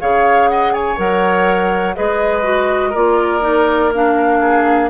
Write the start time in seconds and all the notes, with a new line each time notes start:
0.00 C#3 G#4 C#5 F5
0.49 D#5 F#5
0.73 C#5 G#5
0.97 F#3 A#4 F#5
1.95 G#3 G#4 B4 D#5
2.42 F#4
2.90 A#3 F4 A#4 D5
3.40 D#4
3.94 D4 F5
4.40 G#4